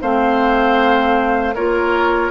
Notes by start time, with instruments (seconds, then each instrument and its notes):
0.00 bassoon A3, clarinet C4, oboe C5, flute F5
1.54 bassoon A#3, clarinet F4, oboe A#4, flute C#5